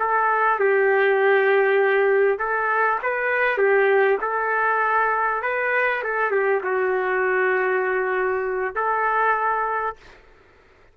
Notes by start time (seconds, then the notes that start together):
0.00 A4
0.60 G4
2.39 A4
3.03 B4
3.58 G4
4.21 A4
5.43 B4
6.04 A4
6.31 G4
6.64 F#4
8.75 A4